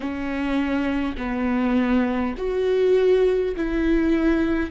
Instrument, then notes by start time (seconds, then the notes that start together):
viola
0.00 C#4
1.17 B3
2.37 F#4
3.56 E4